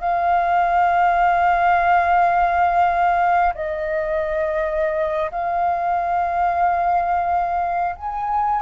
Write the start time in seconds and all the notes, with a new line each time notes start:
0.00 F5
3.54 D#5
5.31 F5
7.96 G#5